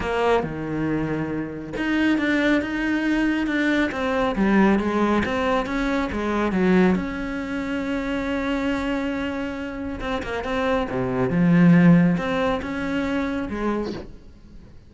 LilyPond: \new Staff \with { instrumentName = "cello" } { \time 4/4 \tempo 4 = 138 ais4 dis2. | dis'4 d'4 dis'2 | d'4 c'4 g4 gis4 | c'4 cis'4 gis4 fis4 |
cis'1~ | cis'2. c'8 ais8 | c'4 c4 f2 | c'4 cis'2 gis4 | }